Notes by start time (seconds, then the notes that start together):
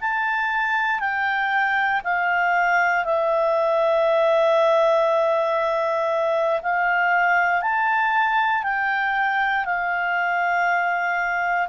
0.00 A5
0.99 G5
2.04 F5
3.05 E5
6.62 F5
7.62 A5
8.63 G5
9.65 F5